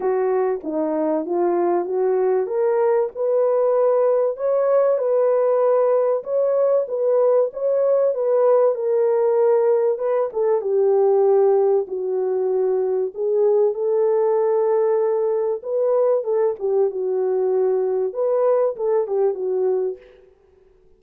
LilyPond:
\new Staff \with { instrumentName = "horn" } { \time 4/4 \tempo 4 = 96 fis'4 dis'4 f'4 fis'4 | ais'4 b'2 cis''4 | b'2 cis''4 b'4 | cis''4 b'4 ais'2 |
b'8 a'8 g'2 fis'4~ | fis'4 gis'4 a'2~ | a'4 b'4 a'8 g'8 fis'4~ | fis'4 b'4 a'8 g'8 fis'4 | }